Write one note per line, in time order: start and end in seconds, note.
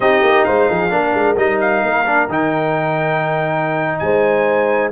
0.00 0.22 C4
0.00 0.90 D#4
0.00 0.46 G4
0.00 0.44 D#5
0.22 0.45 A#3
0.44 0.69 G#3
0.44 0.69 C5
0.44 1.36 F5
0.69 0.90 F3
0.69 0.90 G#4
0.90 1.13 A#3
0.90 1.36 D4
0.90 3.99 A#4
1.14 1.37 G#3
1.36 1.82 G3
1.36 2.05 D#4
1.36 1.60 D#5
1.61 2.29 F5
1.82 2.28 A#3
2.06 2.29 D4
2.28 4.00 D#3
2.28 4.92 D#4
2.28 3.98 G5
3.98 4.92 G#3
3.98 4.92 C5
3.98 4.90 G#5